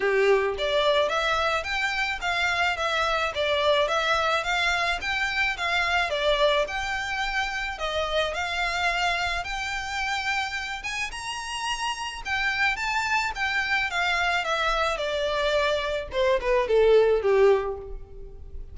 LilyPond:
\new Staff \with { instrumentName = "violin" } { \time 4/4 \tempo 4 = 108 g'4 d''4 e''4 g''4 | f''4 e''4 d''4 e''4 | f''4 g''4 f''4 d''4 | g''2 dis''4 f''4~ |
f''4 g''2~ g''8 gis''8 | ais''2 g''4 a''4 | g''4 f''4 e''4 d''4~ | d''4 c''8 b'8 a'4 g'4 | }